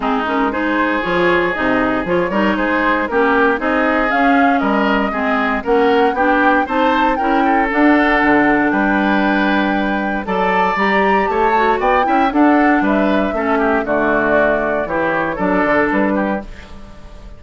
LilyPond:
<<
  \new Staff \with { instrumentName = "flute" } { \time 4/4 \tempo 4 = 117 gis'8 ais'8 c''4 cis''4 dis''4 | cis''4 c''4 ais'4 dis''4 | f''4 dis''2 fis''4 | g''4 a''4 g''4 fis''4~ |
fis''4 g''2. | a''4 ais''4 a''4 g''4 | fis''4 e''2 d''4~ | d''4 cis''4 d''4 b'4 | }
  \new Staff \with { instrumentName = "oboe" } { \time 4/4 dis'4 gis'2.~ | gis'8 ais'8 gis'4 g'4 gis'4~ | gis'4 ais'4 gis'4 ais'4 | g'4 c''4 ais'8 a'4.~ |
a'4 b'2. | d''2 cis''4 d''8 e''8 | a'4 b'4 a'8 g'8 fis'4~ | fis'4 g'4 a'4. g'8 | }
  \new Staff \with { instrumentName = "clarinet" } { \time 4/4 c'8 cis'8 dis'4 f'4 dis'4 | f'8 dis'4. cis'4 dis'4 | cis'2 c'4 cis'4 | d'4 dis'4 e'4 d'4~ |
d'1 | a'4 g'4. fis'4 e'8 | d'2 cis'4 a4~ | a4 e'4 d'2 | }
  \new Staff \with { instrumentName = "bassoon" } { \time 4/4 gis2 f4 c4 | f8 g8 gis4 ais4 c'4 | cis'4 g4 gis4 ais4 | b4 c'4 cis'4 d'4 |
d4 g2. | fis4 g4 a4 b8 cis'8 | d'4 g4 a4 d4~ | d4 e4 fis8 d8 g4 | }
>>